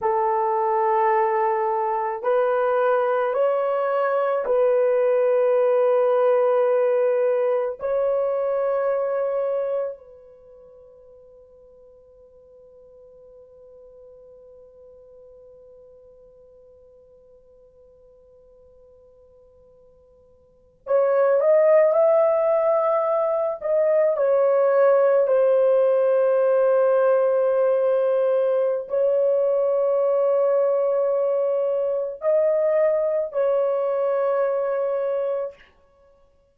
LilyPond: \new Staff \with { instrumentName = "horn" } { \time 4/4 \tempo 4 = 54 a'2 b'4 cis''4 | b'2. cis''4~ | cis''4 b'2.~ | b'1~ |
b'2~ b'8. cis''8 dis''8 e''16~ | e''4~ e''16 dis''8 cis''4 c''4~ c''16~ | c''2 cis''2~ | cis''4 dis''4 cis''2 | }